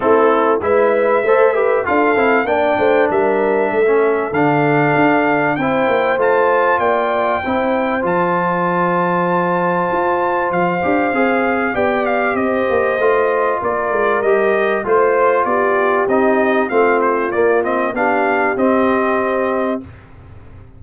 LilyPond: <<
  \new Staff \with { instrumentName = "trumpet" } { \time 4/4 \tempo 4 = 97 a'4 e''2 f''4 | g''4 e''2 f''4~ | f''4 g''4 a''4 g''4~ | g''4 a''2.~ |
a''4 f''2 g''8 f''8 | dis''2 d''4 dis''4 | c''4 d''4 dis''4 f''8 c''8 | d''8 dis''8 f''4 dis''2 | }
  \new Staff \with { instrumentName = "horn" } { \time 4/4 e'4 b'4 c''8 b'8 a'4 | d''8 c''8 ais'4 a'2~ | a'4 c''2 d''4 | c''1~ |
c''2. d''4 | c''2 ais'2 | c''4 g'2 f'4~ | f'4 g'2. | }
  \new Staff \with { instrumentName = "trombone" } { \time 4/4 c'4 e'4 a'8 g'8 f'8 e'8 | d'2~ d'16 cis'8. d'4~ | d'4 e'4 f'2 | e'4 f'2.~ |
f'4. g'8 gis'4 g'4~ | g'4 f'2 g'4 | f'2 dis'4 c'4 | ais8 c'8 d'4 c'2 | }
  \new Staff \with { instrumentName = "tuba" } { \time 4/4 a4 gis4 a4 d'8 c'8 | ais8 a8 g4 a4 d4 | d'4 c'8 ais8 a4 ais4 | c'4 f2. |
f'4 f8 d'8 c'4 b4 | c'8 ais8 a4 ais8 gis8 g4 | a4 b4 c'4 a4 | ais4 b4 c'2 | }
>>